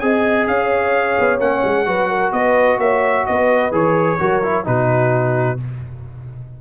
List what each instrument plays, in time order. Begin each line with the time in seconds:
0.00 tuba C4, trombone G#4, horn D#5, trumpet G#5
0.47 tuba C#4, horn C#5, trumpet F5
1.20 tuba B3
1.40 tuba A#3, trombone C#4, trumpet F#5
1.64 tuba G#3
1.86 tuba F#3, trombone F#4, horn B4
2.09 horn A#4
2.32 tuba B3, horn B4, trumpet D#5
2.78 tuba A#3, horn C#5, trumpet E5
3.26 tuba B3, horn B4, trumpet D#5
3.72 tuba E3, trombone G#4, trumpet C#5
4.19 tuba F#3, trombone F#4, horn A#4
4.43 trombone E4
4.65 tuba B2, trombone D#4, horn F#4, trumpet B4